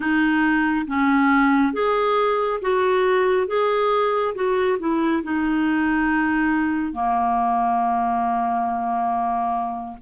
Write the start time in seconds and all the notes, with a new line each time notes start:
0.00 D#4
0.87 C#4
1.73 G#4
2.61 F#4
3.47 G#4
4.34 F#4
4.79 E4
5.23 D#4
6.92 A#3